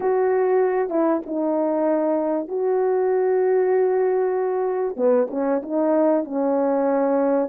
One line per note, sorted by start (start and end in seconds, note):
0.00 0.89 F#4
0.89 1.20 E4
1.26 2.47 D#4
2.47 4.96 F#4
4.96 5.27 B3
5.30 5.61 C#4
5.62 6.24 D#4
6.24 7.49 C#4